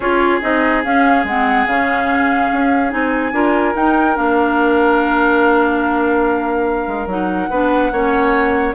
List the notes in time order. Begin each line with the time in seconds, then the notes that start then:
0.00 C#4 F4 G#4 C#5
0.41 C4 D#4 D#5
0.84 C#4 F5
1.24 G#3 C4 F#5
1.66 C#3 C#4 F5
2.52 C#4
2.89 C4 D#4 G#5
3.32 D4 F4 A#4
3.74 D#4 G5
4.14 A#3 D4 F5
6.87 G#3
7.06 F#3 D#4 F#5
7.50 B3 D4 B4
7.91 A#3 C#4 C#5